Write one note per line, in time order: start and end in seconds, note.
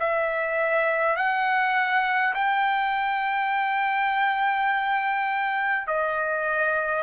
0.00 1.17 E5
1.17 2.34 F#5
2.35 5.88 G5
5.88 7.03 D#5